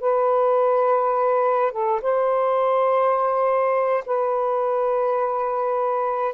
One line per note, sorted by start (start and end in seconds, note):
0.00 1.72 B4
1.72 2.01 A4
2.02 4.04 C5
4.06 6.34 B4